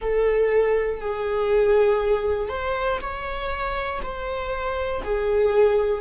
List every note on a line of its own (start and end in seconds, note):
0.01 1.00 A4
1.00 2.49 G#4
2.49 2.99 C5
3.00 4.00 C#5
4.02 5.02 C5
5.03 6.00 G#4